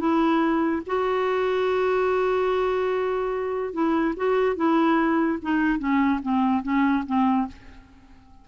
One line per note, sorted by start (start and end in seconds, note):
0.00 0.83 E4
0.87 3.74 F#4
3.74 4.15 E4
4.17 4.56 F#4
4.56 5.39 E4
5.42 5.79 D#4
5.79 6.21 C#4
6.23 6.63 C4
6.63 7.04 C#4
7.07 7.48 C4